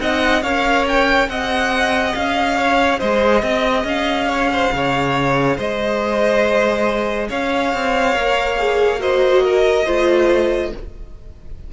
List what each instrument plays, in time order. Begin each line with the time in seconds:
0.00 cello C4, viola D#4, violin D#5 F#5
0.42 cello C#4, viola A#4, violin C#5 F5
0.88 violin G5
1.28 cello C4, viola G#4, violin D#5 F#5
2.15 cello C#4, violin F5
2.57 violin C#5
2.99 cello G#3, violin C5 D#5
3.43 cello C4, violin D#5
3.84 cello C#4, violin F5
4.28 violin C#5
4.53 violin C5
4.72 cello C#3, violin C#5
5.57 cello G#3, violin C5 D#5
7.29 cello C#4, violin C#5 F5
7.74 cello C4
8.14 cello A#3, viola A#4
8.58 viola G#4
8.99 viola F#4, violin C5 D#5
9.44 violin A#4
9.86 cello A3, viola F4, violin C5